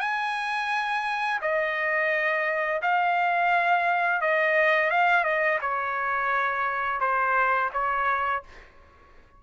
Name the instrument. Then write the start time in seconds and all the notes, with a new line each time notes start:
trumpet
0.00 G#5
1.41 D#5
2.82 F5
4.21 D#5
4.90 F5
5.24 D#5
5.61 C#5
7.00 C5
7.73 C#5